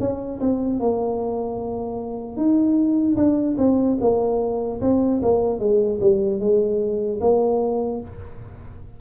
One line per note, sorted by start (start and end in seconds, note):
0.00 0.40 C#4
0.40 0.80 C4
0.80 2.37 A#3
2.37 3.17 D#4
3.17 3.57 D4
3.58 3.98 C4
4.01 4.81 A#3
4.81 5.21 C4
5.22 5.60 A#3
5.60 6.00 G#3
6.01 6.40 G3
6.40 7.20 G#3
7.21 8.01 A#3